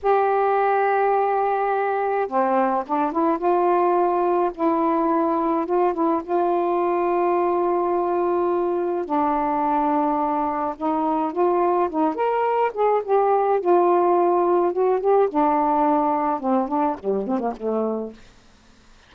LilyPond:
\new Staff \with { instrumentName = "saxophone" } { \time 4/4 \tempo 4 = 106 g'1 | c'4 d'8 e'8 f'2 | e'2 f'8 e'8 f'4~ | f'1 |
d'2. dis'4 | f'4 dis'8 ais'4 gis'8 g'4 | f'2 fis'8 g'8 d'4~ | d'4 c'8 d'8 g8 c'16 ais16 a4 | }